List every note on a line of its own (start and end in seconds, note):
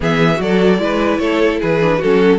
0.00 0.39 E3
0.00 0.36 B3
0.00 0.40 G#4
0.00 0.41 E5
0.36 0.78 F#3
0.36 0.76 F#4
0.36 0.81 A4
0.36 1.18 D5
0.78 1.18 G#3
0.78 1.78 E4
0.78 1.20 B4
1.18 1.59 A3
1.18 1.60 A4
1.18 1.58 C#5
1.60 2.03 E3
1.60 1.98 G#4
1.60 2.02 B4
1.81 2.01 D4
1.98 2.38 F#3
1.98 2.38 C#4
1.98 2.38 F#4
1.98 2.38 A4